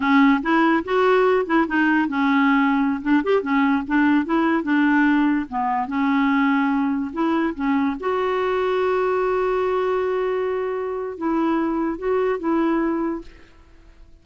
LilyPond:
\new Staff \with { instrumentName = "clarinet" } { \time 4/4 \tempo 4 = 145 cis'4 e'4 fis'4. e'8 | dis'4 cis'2~ cis'16 d'8 g'16~ | g'16 cis'4 d'4 e'4 d'8.~ | d'4~ d'16 b4 cis'4.~ cis'16~ |
cis'4~ cis'16 e'4 cis'4 fis'8.~ | fis'1~ | fis'2. e'4~ | e'4 fis'4 e'2 | }